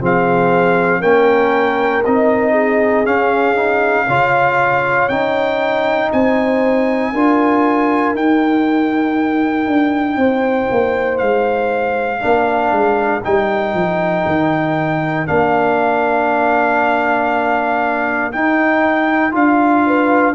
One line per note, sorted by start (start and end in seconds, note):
0.00 1.02 F3
0.00 1.01 C4
0.00 1.00 G#4
0.00 1.01 F5
1.00 2.04 A#3
1.00 2.03 C#4
1.00 2.51 A#4
1.00 2.03 G5
2.05 3.06 C4
2.05 3.04 D#4
2.05 3.05 D#5
2.51 4.03 G#4
3.04 3.55 C#4
3.04 4.08 C#4
3.04 5.08 F5
3.55 4.06 D#4
4.07 5.09 C#3
4.07 5.10 F4
4.07 6.10 C#5
5.08 6.10 C#4
5.08 7.13 D#4
5.08 6.10 G5
6.12 7.13 C4
6.12 7.13 C5
6.12 8.15 G#5
7.13 8.15 D4
7.13 8.16 F4
7.13 10.17 A#4
8.15 9.67 D#4
8.15 12.19 D#4
8.15 11.18 G5
9.67 10.16 D4
10.16 10.67 C4
10.16 12.19 C5
10.71 11.21 A#3
11.18 12.22 G#3
11.18 13.21 F5
12.19 12.71 A#3
12.19 13.21 D4
12.19 19.82 A#4
12.71 13.22 G#3
13.24 13.73 G3
13.24 15.26 D#4
13.24 15.26 G5
13.73 14.24 F3
14.26 15.28 D#3
15.26 18.34 A#3
15.26 18.31 D4
15.26 18.32 F5
18.32 19.31 D#4
18.32 19.34 D#4
18.32 19.33 G5
19.31 20.34 D4
19.31 20.33 F4
19.31 20.34 F5
19.86 20.34 B4